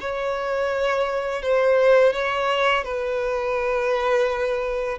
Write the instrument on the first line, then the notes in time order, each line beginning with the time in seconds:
violin
0.00 C#5
1.42 C5
2.12 C#5
2.84 B4